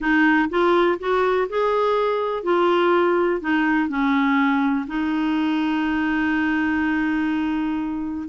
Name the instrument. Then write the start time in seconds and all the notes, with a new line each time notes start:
clarinet
0.00 D#4
0.49 F4
0.99 F#4
1.49 G#4
2.43 F4
3.41 D#4
3.88 C#4
4.87 D#4